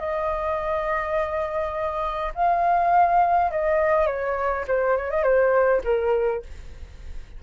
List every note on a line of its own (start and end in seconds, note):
0.00 2.33 D#5
2.35 3.51 F5
3.51 4.07 D#5
4.07 4.65 C#5
4.68 4.97 C5
4.97 5.11 C#5
5.11 5.23 D#5
5.23 5.81 C5
5.84 6.42 A#4